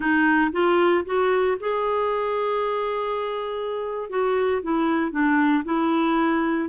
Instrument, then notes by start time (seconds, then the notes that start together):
clarinet
0.00 D#4
0.52 F4
1.05 F#4
1.59 G#4
4.09 F#4
4.62 E4
5.11 D4
5.64 E4